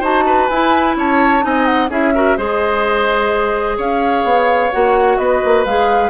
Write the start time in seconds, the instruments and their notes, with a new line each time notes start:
0.00 bassoon D#4, clarinet F#4, oboe C5, flute A5
0.26 oboe B4
0.48 bassoon E4, clarinet E4, flute G#5
0.96 bassoon C#4, oboe C#5, flute A5
1.41 bassoon C4, clarinet D#4, oboe D#5, flute G#5
1.65 flute F#5
1.89 bassoon C#4, clarinet E4, oboe G#4, flute E5
2.14 clarinet F#4, oboe A#4
2.37 bassoon G#3, clarinet G#4, oboe C5, flute D#5
3.77 bassoon C#4, oboe C#5, flute F5
4.24 bassoon B3
4.72 bassoon A#3, clarinet F#4, flute F#5
5.17 bassoon B3, oboe B4, flute D#5
5.44 bassoon A#3
5.64 bassoon G#3, clarinet G#4, flute F5